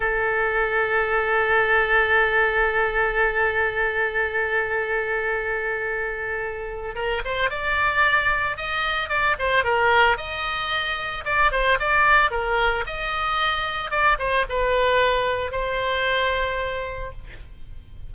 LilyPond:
\new Staff \with { instrumentName = "oboe" } { \time 4/4 \tempo 4 = 112 a'1~ | a'1~ | a'1~ | a'4 ais'8 c''8 d''2 |
dis''4 d''8 c''8 ais'4 dis''4~ | dis''4 d''8 c''8 d''4 ais'4 | dis''2 d''8 c''8 b'4~ | b'4 c''2. | }